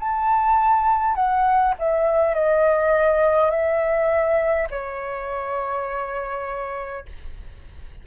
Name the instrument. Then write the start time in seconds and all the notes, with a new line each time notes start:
flute
0.00 A5
1.16 F#5
1.79 E5
2.35 D#5
3.50 E5
4.71 C#5